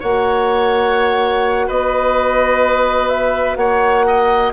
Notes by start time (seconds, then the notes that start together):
0.00 A#3 F#4 C#5 F#5
1.67 B3 B4 D#5
3.08 E5
3.56 A#3 C#5 F#5
4.07 D#5